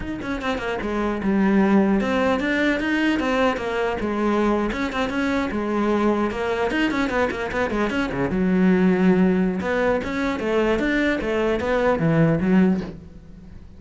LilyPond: \new Staff \with { instrumentName = "cello" } { \time 4/4 \tempo 4 = 150 dis'8 cis'8 c'8 ais8 gis4 g4~ | g4 c'4 d'4 dis'4 | c'4 ais4 gis4.~ gis16 cis'16~ | cis'16 c'8 cis'4 gis2 ais16~ |
ais8. dis'8 cis'8 b8 ais8 b8 gis8 cis'16~ | cis'16 cis8 fis2.~ fis16 | b4 cis'4 a4 d'4 | a4 b4 e4 fis4 | }